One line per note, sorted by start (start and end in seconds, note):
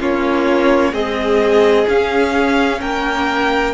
0.00 0.93 A#3
0.00 0.94 C#4
0.00 0.93 F4
0.00 0.94 C#5
0.93 1.88 G#3
0.93 1.87 C4
0.93 2.80 G#4
0.93 1.88 D#5
1.87 2.81 C#4
1.87 3.74 C#4
1.87 2.81 F5
2.81 3.74 A#3
2.81 3.74 A#4
2.81 3.74 G5